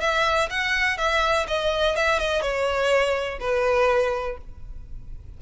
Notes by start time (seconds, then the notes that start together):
0.00 E5
0.49 F#5
0.97 E5
1.47 D#5
1.96 E5
2.19 D#5
2.41 C#5
3.40 B4